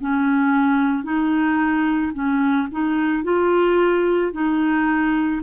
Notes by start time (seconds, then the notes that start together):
0.00 C#4
1.03 D#4
2.13 C#4
2.71 D#4
3.23 F4
4.32 D#4